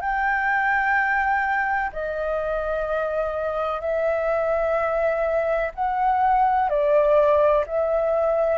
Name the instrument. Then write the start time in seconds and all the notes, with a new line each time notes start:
flute
0.00 G5
1.92 D#5
3.80 E5
5.74 F#5
6.69 D5
7.66 E5